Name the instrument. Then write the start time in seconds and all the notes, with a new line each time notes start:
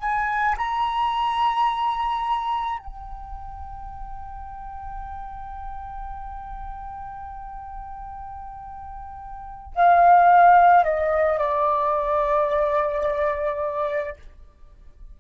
flute
0.00 G#5
0.58 A#5
2.79 G5
9.75 F5
10.84 D#5
11.39 D5